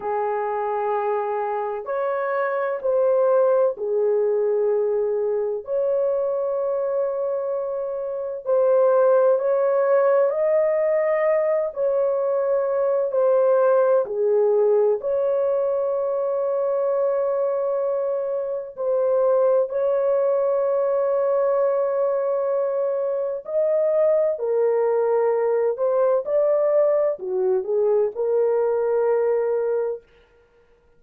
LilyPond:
\new Staff \with { instrumentName = "horn" } { \time 4/4 \tempo 4 = 64 gis'2 cis''4 c''4 | gis'2 cis''2~ | cis''4 c''4 cis''4 dis''4~ | dis''8 cis''4. c''4 gis'4 |
cis''1 | c''4 cis''2.~ | cis''4 dis''4 ais'4. c''8 | d''4 fis'8 gis'8 ais'2 | }